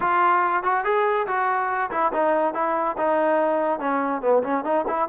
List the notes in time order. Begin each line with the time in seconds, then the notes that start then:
0.00 F4
0.63 F#4
0.84 G#4
1.27 F#4
1.90 E4
2.12 D#4
2.54 E4
2.97 D#4
3.79 C#4
4.21 B3
4.43 C#4
4.64 D#4
4.87 E4